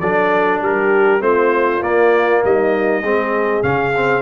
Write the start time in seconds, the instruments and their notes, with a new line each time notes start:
0.00 tuba F#3, trombone D4, horn A4, trumpet D5
0.61 tuba G3, horn G4, trumpet A#4
1.20 tuba A3, trombone C4, horn F4, trumpet C5
1.81 trombone A#3, tuba A#3, trumpet D5
2.44 tuba G3, horn D#4, trumpet D#5
3.02 tuba G#3, trombone C4, horn G#4
3.62 tuba C#3, trombone C#4, trumpet F5
3.95 trombone C4